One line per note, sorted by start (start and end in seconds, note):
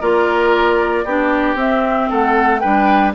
0.00 1.04 A#3
0.00 1.06 F4
0.00 1.04 A#4
0.00 1.57 D5
1.04 1.54 B3
1.04 1.56 D4
1.04 2.09 G4
1.54 2.07 C4
1.54 2.61 C4
1.54 2.10 E5
2.09 2.63 A3
2.09 2.60 A4
2.09 2.59 F#5
2.59 3.14 G3
2.59 3.14 D4
2.59 3.12 B4
2.59 3.11 G5